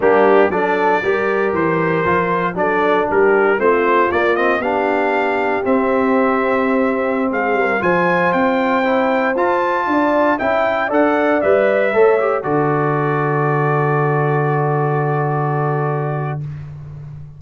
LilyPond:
<<
  \new Staff \with { instrumentName = "trumpet" } { \time 4/4 \tempo 4 = 117 g'4 d''2 c''4~ | c''4 d''4 ais'4 c''4 | d''8 dis''8 f''2 e''4~ | e''2~ e''16 f''4 gis''8.~ |
gis''16 g''2 a''4.~ a''16~ | a''16 g''4 fis''4 e''4.~ e''16~ | e''16 d''2.~ d''8.~ | d''1 | }
  \new Staff \with { instrumentName = "horn" } { \time 4/4 d'4 a'4 ais'2~ | ais'4 a'4 g'4 f'4~ | f'4 g'2.~ | g'2~ g'16 gis'8 ais'8 c''8.~ |
c''2.~ c''16 d''8.~ | d''16 e''4 d''2 cis''8.~ | cis''16 a'2.~ a'8.~ | a'1 | }
  \new Staff \with { instrumentName = "trombone" } { \time 4/4 ais4 d'4 g'2 | f'4 d'2 c'4 | ais8 c'8 d'2 c'4~ | c'2.~ c'16 f'8.~ |
f'4~ f'16 e'4 f'4.~ f'16~ | f'16 e'4 a'4 b'4 a'8 g'16~ | g'16 fis'2.~ fis'8.~ | fis'1 | }
  \new Staff \with { instrumentName = "tuba" } { \time 4/4 g4 fis4 g4 e4 | f4 fis4 g4 a4 | ais4 b2 c'4~ | c'2~ c'16 gis8 g8 f8.~ |
f16 c'2 f'4 d'8.~ | d'16 cis'4 d'4 g4 a8.~ | a16 d2.~ d8.~ | d1 | }
>>